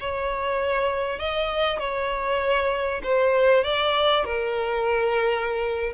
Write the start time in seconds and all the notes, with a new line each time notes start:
0.00 C#5
1.19 D#5
1.79 C#5
3.03 C5
3.64 D5
4.25 A#4